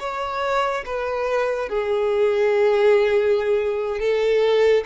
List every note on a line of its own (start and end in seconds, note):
0.00 0.85 C#5
0.86 1.69 B4
1.69 4.00 G#4
4.00 4.84 A4